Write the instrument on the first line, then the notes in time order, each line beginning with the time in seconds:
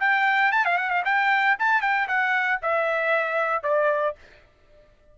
trumpet
0.00 G5
0.52 A5
0.65 F5
0.78 F#5
0.90 F5
1.05 G5
1.59 A5
1.81 G5
2.08 F#5
2.63 E5
3.63 D5